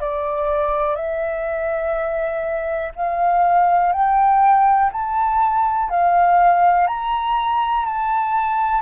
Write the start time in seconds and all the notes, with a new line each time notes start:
0.00 D5
0.95 E5
2.96 F5
3.92 G5
4.92 A5
5.89 F5
6.87 A#5
7.85 A5